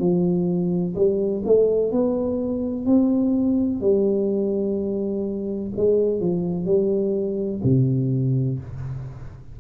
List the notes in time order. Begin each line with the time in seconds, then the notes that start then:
0.00 F3
0.96 G3
1.46 A3
1.92 B3
2.86 C4
3.81 G3
5.77 G#3
6.21 F3
6.66 G3
7.64 C3